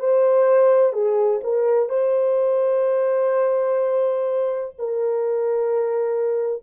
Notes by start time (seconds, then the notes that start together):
0.00 C5
0.93 G#4
1.44 A#4
1.90 C5
4.79 A#4